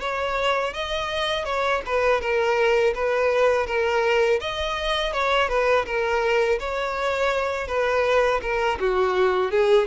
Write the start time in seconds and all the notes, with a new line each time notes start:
0.00 C#5
0.74 D#5
1.45 C#5
1.86 B4
2.21 A#4
2.95 B4
3.67 A#4
4.40 D#5
5.13 C#5
5.48 B4
5.86 A#4
6.59 C#5
7.67 B4
8.42 A#4
8.79 F#4
9.51 G#4